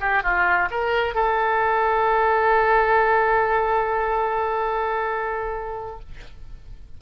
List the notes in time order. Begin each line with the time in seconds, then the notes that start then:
0.00 G4
0.23 F4
0.70 A#4
1.14 A4